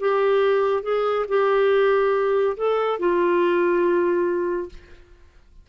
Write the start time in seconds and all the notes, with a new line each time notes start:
0.00 G4
0.83 G#4
1.29 G4
2.57 A4
2.99 F4